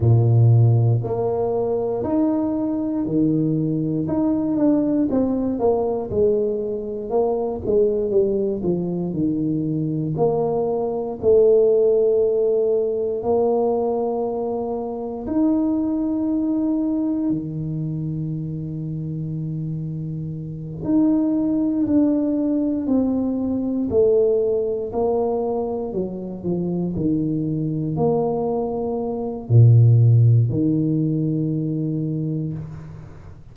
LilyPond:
\new Staff \with { instrumentName = "tuba" } { \time 4/4 \tempo 4 = 59 ais,4 ais4 dis'4 dis4 | dis'8 d'8 c'8 ais8 gis4 ais8 gis8 | g8 f8 dis4 ais4 a4~ | a4 ais2 dis'4~ |
dis'4 dis2.~ | dis8 dis'4 d'4 c'4 a8~ | a8 ais4 fis8 f8 dis4 ais8~ | ais4 ais,4 dis2 | }